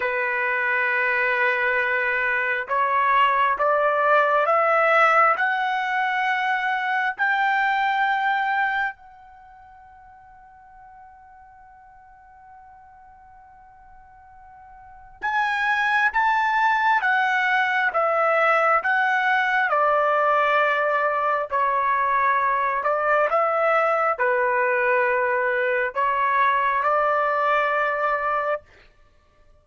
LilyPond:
\new Staff \with { instrumentName = "trumpet" } { \time 4/4 \tempo 4 = 67 b'2. cis''4 | d''4 e''4 fis''2 | g''2 fis''2~ | fis''1~ |
fis''4 gis''4 a''4 fis''4 | e''4 fis''4 d''2 | cis''4. d''8 e''4 b'4~ | b'4 cis''4 d''2 | }